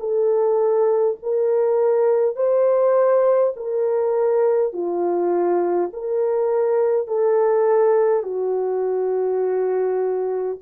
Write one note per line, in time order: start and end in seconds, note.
0.00 1.18 A4
1.23 2.36 A#4
2.36 3.54 C5
3.57 4.73 A#4
4.73 5.91 F4
5.94 7.08 A#4
7.08 8.24 A4
8.24 10.59 F#4